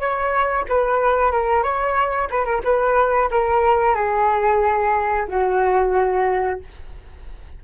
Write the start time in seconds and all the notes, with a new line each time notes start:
0.00 C#5
0.69 B4
1.32 A#4
1.63 C#5
2.30 B4
2.45 A#4
2.64 B4
3.31 A#4
3.95 G#4
5.29 F#4